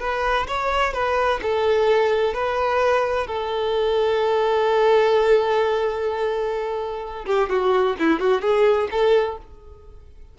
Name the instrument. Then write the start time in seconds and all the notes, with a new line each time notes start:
violin
0.00 B4
0.48 C#5
0.93 B4
1.42 A4
2.34 B4
3.27 A4
7.26 G4
7.49 F#4
7.99 E4
8.20 F#4
8.42 G#4
8.91 A4